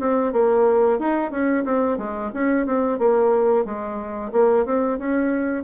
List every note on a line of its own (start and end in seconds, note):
0.00 0.32 C4
0.32 0.99 A#3
0.99 1.31 D#4
1.31 1.64 C#4
1.65 1.98 C4
1.98 2.31 G#3
2.34 2.66 C#4
2.66 2.99 C4
2.99 3.65 A#3
3.65 4.32 G#3
4.32 4.65 A#3
4.65 4.98 C4
4.98 5.64 C#4